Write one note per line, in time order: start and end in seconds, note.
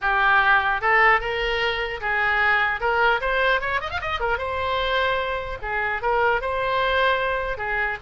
0.01 0.81 G4
0.81 1.20 A4
1.20 2.00 A#4
2.00 2.80 G#4
2.80 3.20 A#4
3.20 3.60 C5
3.60 3.80 C#5
3.80 3.90 D#5
3.90 4.00 F5
4.01 4.20 D#5
4.20 4.37 A#4
4.37 5.57 C5
5.62 6.02 G#4
6.02 6.41 A#4
6.41 7.57 C5
7.57 7.97 G#4